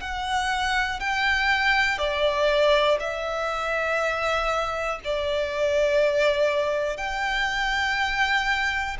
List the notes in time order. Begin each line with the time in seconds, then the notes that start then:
0.00 F#5
1.00 G5
1.99 D5
3.00 E5
5.05 D5
6.97 G5